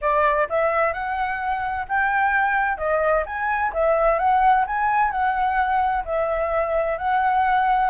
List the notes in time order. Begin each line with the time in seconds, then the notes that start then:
0.01 D5
0.49 E5
0.93 F#5
1.88 G5
2.77 D#5
3.26 G#5
3.73 E5
4.18 F#5
4.67 G#5
5.11 F#5
6.05 E5
6.98 F#5